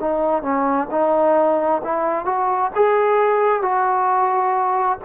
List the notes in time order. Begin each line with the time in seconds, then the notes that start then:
0.00 D#4
0.43 C#4
0.91 D#4
1.84 E4
2.26 F#4
2.76 G#4
3.62 F#4